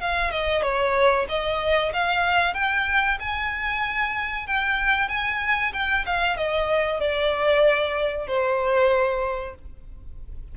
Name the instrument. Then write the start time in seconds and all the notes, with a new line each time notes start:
violin
0.00 F5
0.30 D#5
0.62 C#5
1.28 D#5
1.93 F5
2.54 G5
3.19 G#5
4.47 G5
5.08 G#5
5.73 G5
6.06 F5
6.36 D#5
7.00 D5
8.27 C5